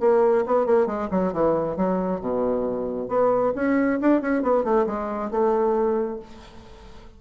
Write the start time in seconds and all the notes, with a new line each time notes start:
0.00 A#3
0.46 B3
0.66 A#3
0.86 G#3
1.11 F#3
1.33 E3
1.77 F#3
2.21 B2
3.09 B3
3.55 C#4
4.01 D4
4.21 C#4
4.43 B3
4.64 A3
4.86 G#3
5.31 A3